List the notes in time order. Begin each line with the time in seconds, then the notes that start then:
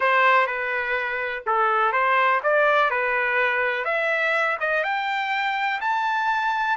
0.00 C5
0.46 B4
1.46 A4
1.92 C5
2.43 D5
2.90 B4
3.85 E5
4.60 D#5
4.83 G5
5.81 A5